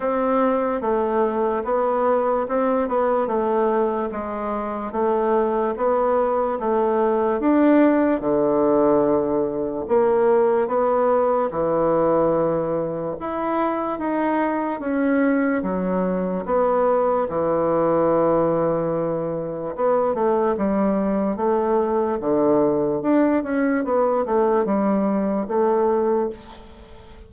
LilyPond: \new Staff \with { instrumentName = "bassoon" } { \time 4/4 \tempo 4 = 73 c'4 a4 b4 c'8 b8 | a4 gis4 a4 b4 | a4 d'4 d2 | ais4 b4 e2 |
e'4 dis'4 cis'4 fis4 | b4 e2. | b8 a8 g4 a4 d4 | d'8 cis'8 b8 a8 g4 a4 | }